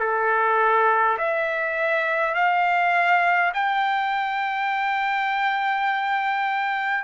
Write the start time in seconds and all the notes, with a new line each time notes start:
0.00 A4
1.18 E5
2.35 F5
3.55 G5